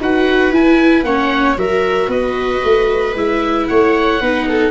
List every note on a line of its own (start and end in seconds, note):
0.00 0.51 D#4
0.00 0.52 F#4
0.00 1.06 B4
0.00 0.54 F#5
0.51 1.03 E4
0.51 1.05 E4
0.51 1.04 G#5
1.03 1.56 A#3
1.03 1.56 C#4
1.03 1.58 C#5
1.03 1.56 F#5
1.56 2.07 F#3
1.56 3.13 F#4
1.56 2.09 A#4
1.56 2.10 E5
2.07 2.60 B3
2.07 3.67 B4
2.07 3.16 D#5
2.64 3.15 A3
3.15 3.67 G#3
3.15 4.21 E4
3.15 3.67 E5
3.67 4.21 A3
3.67 4.20 C#5
3.67 4.70 F#5
4.20 4.70 B3
4.20 4.70 D#4
4.20 4.47 B4
4.48 4.70 A4